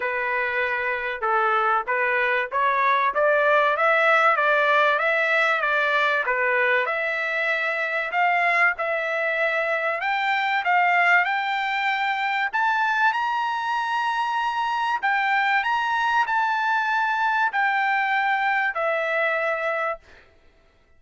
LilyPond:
\new Staff \with { instrumentName = "trumpet" } { \time 4/4 \tempo 4 = 96 b'2 a'4 b'4 | cis''4 d''4 e''4 d''4 | e''4 d''4 b'4 e''4~ | e''4 f''4 e''2 |
g''4 f''4 g''2 | a''4 ais''2. | g''4 ais''4 a''2 | g''2 e''2 | }